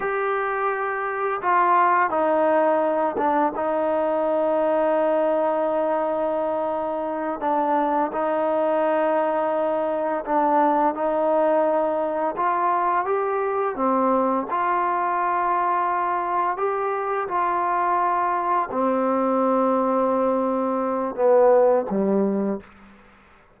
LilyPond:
\new Staff \with { instrumentName = "trombone" } { \time 4/4 \tempo 4 = 85 g'2 f'4 dis'4~ | dis'8 d'8 dis'2.~ | dis'2~ dis'8 d'4 dis'8~ | dis'2~ dis'8 d'4 dis'8~ |
dis'4. f'4 g'4 c'8~ | c'8 f'2. g'8~ | g'8 f'2 c'4.~ | c'2 b4 g4 | }